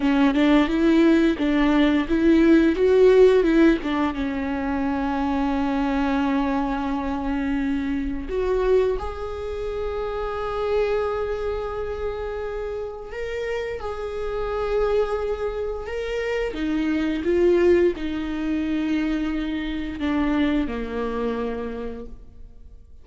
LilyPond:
\new Staff \with { instrumentName = "viola" } { \time 4/4 \tempo 4 = 87 cis'8 d'8 e'4 d'4 e'4 | fis'4 e'8 d'8 cis'2~ | cis'1 | fis'4 gis'2.~ |
gis'2. ais'4 | gis'2. ais'4 | dis'4 f'4 dis'2~ | dis'4 d'4 ais2 | }